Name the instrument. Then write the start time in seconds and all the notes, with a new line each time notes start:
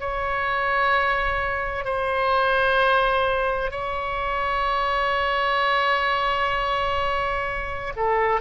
oboe
0.00 C#5
1.85 C5
3.71 C#5
7.96 A4